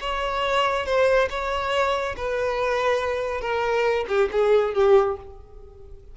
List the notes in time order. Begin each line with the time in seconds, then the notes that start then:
0.00 C#5
0.86 C5
1.30 C#5
2.17 B4
3.41 A#4
4.08 G4
4.32 G#4
4.74 G4